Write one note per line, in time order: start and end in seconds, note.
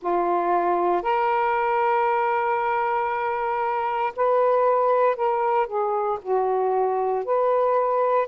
0.01 1.02 F4
1.02 4.12 A#4
4.16 5.15 B4
5.15 5.67 A#4
5.67 6.18 G#4
6.22 7.24 F#4
7.24 8.28 B4